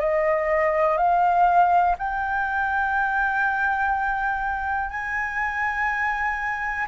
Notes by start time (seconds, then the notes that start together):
0.00 D#5
0.98 F5
1.99 G5
4.90 G#5